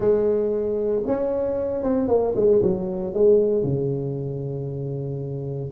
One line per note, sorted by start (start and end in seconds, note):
0.00 1.02 G#3
1.06 1.83 C#4
1.83 2.08 C4
2.08 2.34 A#3
2.35 2.61 G#3
2.62 3.13 F#3
3.13 3.63 G#3
3.63 5.71 C#3